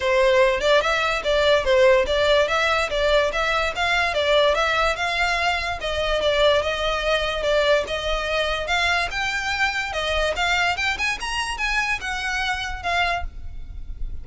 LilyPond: \new Staff \with { instrumentName = "violin" } { \time 4/4 \tempo 4 = 145 c''4. d''8 e''4 d''4 | c''4 d''4 e''4 d''4 | e''4 f''4 d''4 e''4 | f''2 dis''4 d''4 |
dis''2 d''4 dis''4~ | dis''4 f''4 g''2 | dis''4 f''4 g''8 gis''8 ais''4 | gis''4 fis''2 f''4 | }